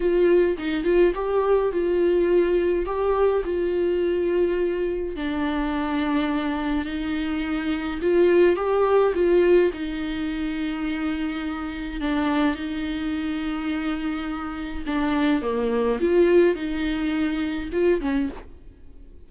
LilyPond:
\new Staff \with { instrumentName = "viola" } { \time 4/4 \tempo 4 = 105 f'4 dis'8 f'8 g'4 f'4~ | f'4 g'4 f'2~ | f'4 d'2. | dis'2 f'4 g'4 |
f'4 dis'2.~ | dis'4 d'4 dis'2~ | dis'2 d'4 ais4 | f'4 dis'2 f'8 cis'8 | }